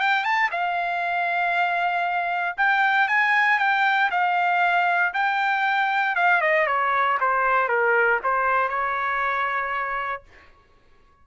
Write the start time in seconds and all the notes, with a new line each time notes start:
0.00 G5
0.24 A5
0.51 F5
2.58 G5
3.08 G#5
3.59 G5
4.11 F5
5.14 G5
6.16 F5
6.41 D#5
6.67 C#5
7.21 C5
7.69 A#4
8.24 C5
8.69 C#5